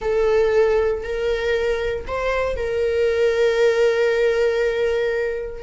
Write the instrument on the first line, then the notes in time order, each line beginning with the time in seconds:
viola
0.01 A4
1.03 A#4
2.07 C5
2.56 A#4